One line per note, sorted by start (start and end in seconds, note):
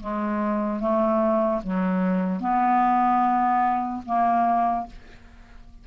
0.00 0.80 G#3
0.80 1.61 A3
1.63 2.40 F#3
2.40 4.02 B3
4.05 4.86 A#3